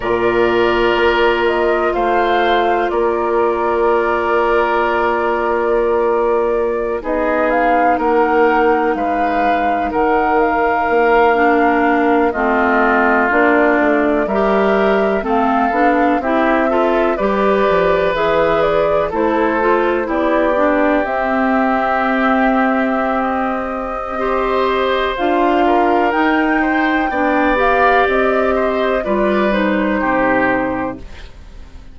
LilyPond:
<<
  \new Staff \with { instrumentName = "flute" } { \time 4/4 \tempo 4 = 62 d''4. dis''8 f''4 d''4~ | d''2.~ d''16 dis''8 f''16~ | f''16 fis''4 f''4 fis''8 f''4~ f''16~ | f''8. dis''4 d''4 e''4 f''16~ |
f''8. e''4 d''4 e''8 d''8 c''16~ | c''8. d''4 e''2~ e''16 | dis''2 f''4 g''4~ | g''8 f''8 dis''4 d''8 c''4. | }
  \new Staff \with { instrumentName = "oboe" } { \time 4/4 ais'2 c''4 ais'4~ | ais'2.~ ais'16 gis'8.~ | gis'16 ais'4 b'4 ais'4.~ ais'16~ | ais'8. f'2 ais'4 a'16~ |
a'8. g'8 a'8 b'2 a'16~ | a'8. g'2.~ g'16~ | g'4 c''4. ais'4 c''8 | d''4. c''8 b'4 g'4 | }
  \new Staff \with { instrumentName = "clarinet" } { \time 4/4 f'1~ | f'2.~ f'16 dis'8.~ | dis'2.~ dis'8. d'16~ | d'8. c'4 d'4 g'4 c'16~ |
c'16 d'8 e'8 f'8 g'4 gis'4 e'16~ | e'16 f'8 e'8 d'8 c'2~ c'16~ | c'4 g'4 f'4 dis'4 | d'8 g'4. f'8 dis'4. | }
  \new Staff \with { instrumentName = "bassoon" } { \time 4/4 ais,4 ais4 a4 ais4~ | ais2.~ ais16 b8.~ | b16 ais4 gis4 dis4 ais8.~ | ais8. a4 ais8 a8 g4 a16~ |
a16 b8 c'4 g8 f8 e4 a16~ | a8. b4 c'2~ c'16~ | c'2 d'4 dis'4 | b4 c'4 g4 c4 | }
>>